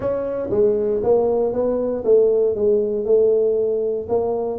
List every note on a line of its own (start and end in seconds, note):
0.00 0.49 C#4
0.50 1.01 G#3
1.03 1.52 A#3
1.52 2.03 B3
2.04 2.55 A3
2.55 3.05 G#3
3.05 4.07 A3
4.09 4.59 A#3